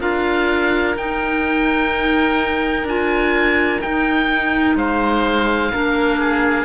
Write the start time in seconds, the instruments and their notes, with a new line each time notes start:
0.00 cello D4, clarinet F4, oboe A#4 F5
0.97 cello D#4, clarinet D#4, oboe G5
2.84 cello D4, clarinet F4, oboe G#5
3.82 clarinet D#4, cello D#4, oboe G5
4.75 cello G#3, oboe C5 F5
5.72 cello A#3, clarinet D4, oboe A#4
6.20 oboe G#4